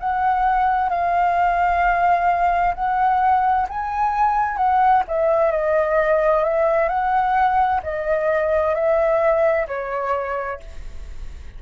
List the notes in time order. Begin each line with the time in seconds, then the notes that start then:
0.00 F#5
0.90 F5
2.75 F#5
3.69 G#5
4.57 F#5
5.08 E5
5.52 D#5
6.44 E5
6.89 F#5
7.83 D#5
8.75 E5
9.68 C#5